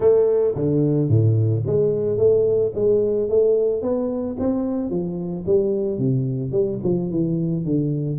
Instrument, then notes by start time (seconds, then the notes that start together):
tuba
0.00 A3
0.55 D3
1.08 A2
1.66 G#3
2.17 A3
2.74 G#3
3.29 A3
3.82 B3
4.39 C4
4.89 F3
5.46 G3
5.98 C3
6.51 G3
6.83 F3
7.11 E3
7.65 D3